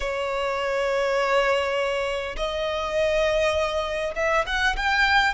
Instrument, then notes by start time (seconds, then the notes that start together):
violin
0.00 C#5
2.36 D#5
4.15 E5
4.46 F#5
4.76 G5